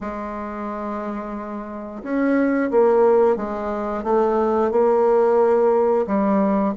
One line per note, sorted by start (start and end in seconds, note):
0.00 2.03 G#3
2.03 2.70 C#4
2.71 3.36 A#3
3.36 4.03 G#3
4.03 4.71 A3
4.71 6.06 A#3
6.06 6.74 G3